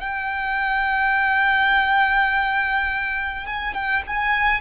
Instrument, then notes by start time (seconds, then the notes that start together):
violin
0.00 G5
3.46 G#5
3.74 G5
4.07 G#5